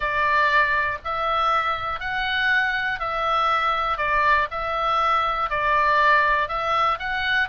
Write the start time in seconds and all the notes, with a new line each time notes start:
0.00 D5
1.04 E5
2.00 F#5
2.99 E5
3.97 D5
4.50 E5
5.50 D5
6.48 E5
6.99 F#5